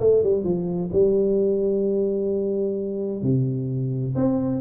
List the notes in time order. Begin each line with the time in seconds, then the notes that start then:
0.00 A3
0.23 G3
0.44 F3
0.93 G3
3.22 C3
4.15 C4